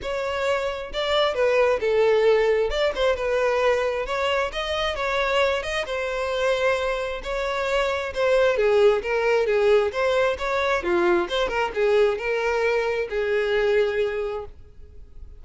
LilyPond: \new Staff \with { instrumentName = "violin" } { \time 4/4 \tempo 4 = 133 cis''2 d''4 b'4 | a'2 d''8 c''8 b'4~ | b'4 cis''4 dis''4 cis''4~ | cis''8 dis''8 c''2. |
cis''2 c''4 gis'4 | ais'4 gis'4 c''4 cis''4 | f'4 c''8 ais'8 gis'4 ais'4~ | ais'4 gis'2. | }